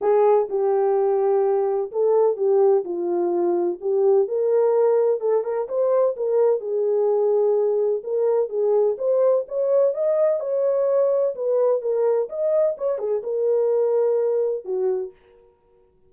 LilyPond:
\new Staff \with { instrumentName = "horn" } { \time 4/4 \tempo 4 = 127 gis'4 g'2. | a'4 g'4 f'2 | g'4 ais'2 a'8 ais'8 | c''4 ais'4 gis'2~ |
gis'4 ais'4 gis'4 c''4 | cis''4 dis''4 cis''2 | b'4 ais'4 dis''4 cis''8 gis'8 | ais'2. fis'4 | }